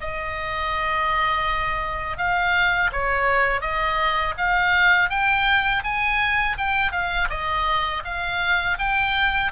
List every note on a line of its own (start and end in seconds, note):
0.00 2.17 D#5
2.17 2.90 F5
2.92 3.61 C#5
3.61 4.34 D#5
4.37 5.09 F5
5.09 5.82 G5
5.83 6.57 G#5
6.58 6.91 G5
6.91 7.28 F5
7.29 8.03 D#5
8.04 8.77 F5
8.78 9.52 G5